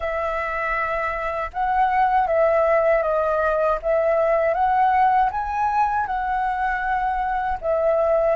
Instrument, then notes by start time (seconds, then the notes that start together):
flute
0.00 E5
1.53 F#5
2.27 E5
3.02 D#5
3.82 E5
4.54 F#5
5.31 G#5
6.06 F#5
7.61 E5